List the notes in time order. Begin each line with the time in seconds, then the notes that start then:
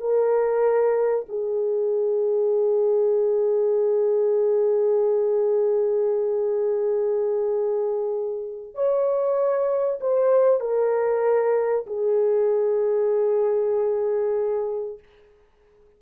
0.00 A#4
1.28 G#4
8.74 C#5
10.01 C5
10.60 A#4
11.86 G#4